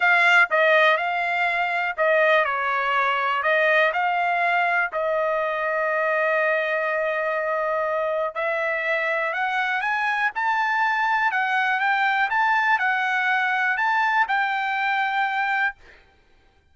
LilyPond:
\new Staff \with { instrumentName = "trumpet" } { \time 4/4 \tempo 4 = 122 f''4 dis''4 f''2 | dis''4 cis''2 dis''4 | f''2 dis''2~ | dis''1~ |
dis''4 e''2 fis''4 | gis''4 a''2 fis''4 | g''4 a''4 fis''2 | a''4 g''2. | }